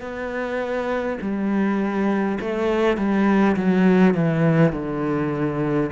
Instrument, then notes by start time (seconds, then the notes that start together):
cello
0.00 B3
1.21 G3
2.40 A3
2.97 G3
3.56 F#3
4.14 E3
4.72 D3